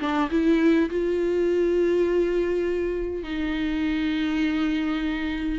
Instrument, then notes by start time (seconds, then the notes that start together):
viola
0.00 D4
0.30 E4
0.90 F4
3.24 D#4